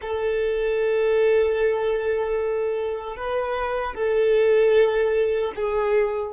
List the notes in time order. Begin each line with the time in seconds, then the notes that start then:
0.01 A4
3.16 B4
3.94 A4
5.55 G#4